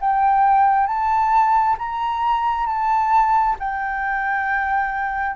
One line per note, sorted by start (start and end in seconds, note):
0.00 0.87 G5
0.87 1.76 A5
1.78 2.66 A#5
2.66 3.56 A5
3.59 5.36 G5